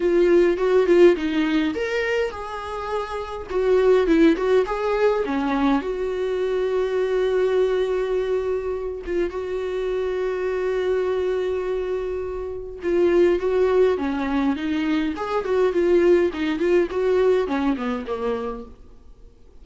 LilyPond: \new Staff \with { instrumentName = "viola" } { \time 4/4 \tempo 4 = 103 f'4 fis'8 f'8 dis'4 ais'4 | gis'2 fis'4 e'8 fis'8 | gis'4 cis'4 fis'2~ | fis'2.~ fis'8 f'8 |
fis'1~ | fis'2 f'4 fis'4 | cis'4 dis'4 gis'8 fis'8 f'4 | dis'8 f'8 fis'4 cis'8 b8 ais4 | }